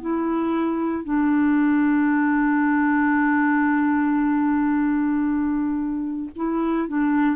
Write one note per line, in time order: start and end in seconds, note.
0.00 1.03 E4
1.03 6.30 D4
6.35 6.88 E4
6.88 7.36 D4